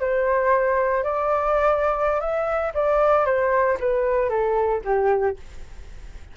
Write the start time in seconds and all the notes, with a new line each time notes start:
0.00 C5
1.03 D5
2.20 E5
2.74 D5
3.25 C5
3.79 B4
4.29 A4
4.84 G4